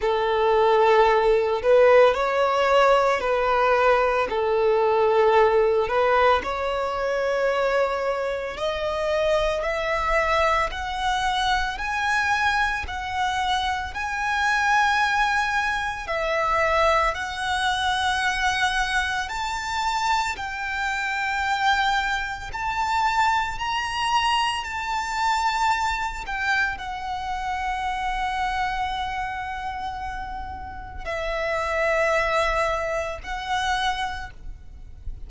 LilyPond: \new Staff \with { instrumentName = "violin" } { \time 4/4 \tempo 4 = 56 a'4. b'8 cis''4 b'4 | a'4. b'8 cis''2 | dis''4 e''4 fis''4 gis''4 | fis''4 gis''2 e''4 |
fis''2 a''4 g''4~ | g''4 a''4 ais''4 a''4~ | a''8 g''8 fis''2.~ | fis''4 e''2 fis''4 | }